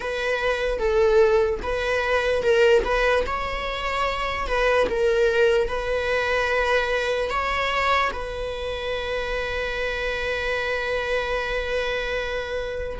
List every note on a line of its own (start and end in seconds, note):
0.00 0.79 B4
0.79 1.60 A4
1.62 2.43 B4
2.43 2.83 A#4
2.84 3.24 B4
3.26 4.47 C#5
4.47 4.87 B4
4.89 5.68 A#4
5.68 7.30 B4
7.30 8.11 C#5
8.12 12.98 B4